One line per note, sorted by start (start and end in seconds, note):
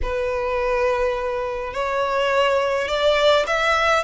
0.02 1.73 B4
1.73 2.87 C#5
2.87 3.45 D5
3.46 4.03 E5